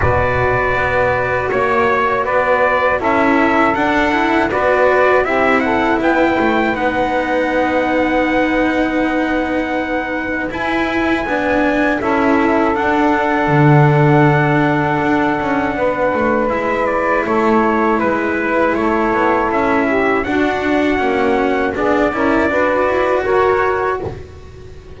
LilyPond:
<<
  \new Staff \with { instrumentName = "trumpet" } { \time 4/4 \tempo 4 = 80 d''2 cis''4 d''4 | e''4 fis''4 d''4 e''8 fis''8 | g''4 fis''2.~ | fis''2 gis''2 |
e''4 fis''2.~ | fis''2 e''8 d''8 cis''4 | b'4 cis''4 e''4 fis''4~ | fis''4 d''2 cis''4 | }
  \new Staff \with { instrumentName = "saxophone" } { \time 4/4 b'2 cis''4 b'4 | a'2 b'4 g'8 a'8 | b'1~ | b'1 |
a'1~ | a'4 b'2 a'4 | b'4 a'4. g'8 fis'4~ | fis'4 gis'8 ais'8 b'4 ais'4 | }
  \new Staff \with { instrumentName = "cello" } { \time 4/4 fis'1 | e'4 d'8 e'8 fis'4 e'4~ | e'4 dis'2.~ | dis'2 e'4 d'4 |
e'4 d'2.~ | d'2 e'2~ | e'2. d'4 | cis'4 d'8 e'8 fis'2 | }
  \new Staff \with { instrumentName = "double bass" } { \time 4/4 b,4 b4 ais4 b4 | cis'4 d'4 b4 c'4 | b8 a8 b2.~ | b2 e'4 b4 |
cis'4 d'4 d2 | d'8 cis'8 b8 a8 gis4 a4 | gis4 a8 b8 cis'4 d'4 | ais4 b8 cis'8 d'8 e'8 fis'4 | }
>>